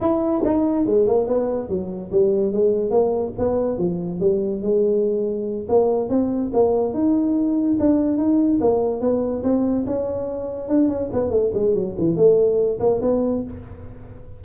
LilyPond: \new Staff \with { instrumentName = "tuba" } { \time 4/4 \tempo 4 = 143 e'4 dis'4 gis8 ais8 b4 | fis4 g4 gis4 ais4 | b4 f4 g4 gis4~ | gis4. ais4 c'4 ais8~ |
ais8 dis'2 d'4 dis'8~ | dis'8 ais4 b4 c'4 cis'8~ | cis'4. d'8 cis'8 b8 a8 gis8 | fis8 e8 a4. ais8 b4 | }